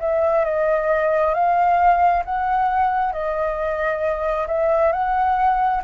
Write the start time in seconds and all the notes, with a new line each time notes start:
0.00 E5
0.45 D#5
1.34 F5
2.26 F#5
3.13 D#5
4.48 E5
4.93 F#5